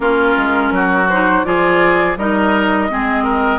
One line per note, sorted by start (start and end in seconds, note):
0.00 0.35 A#3
0.00 1.07 C#4
0.00 0.73 F4
0.00 1.09 A#4
0.37 0.71 G#3
0.71 1.43 F#3
0.71 1.46 F#4
1.09 1.44 D#4
1.09 1.44 C5
1.44 2.16 F3
1.44 2.16 F4
1.44 2.18 G#4
1.44 2.16 D5
2.16 2.89 G3
2.16 2.88 D#4
2.16 2.90 A#4
2.16 3.59 D#5
2.88 3.59 G#3
2.88 3.59 C4
2.88 3.23 G#4
3.23 3.59 A#4